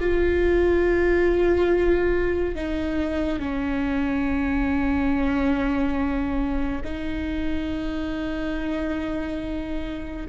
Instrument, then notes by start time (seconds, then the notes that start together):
viola
0.00 F4
2.55 D#4
3.39 C#4
6.84 D#4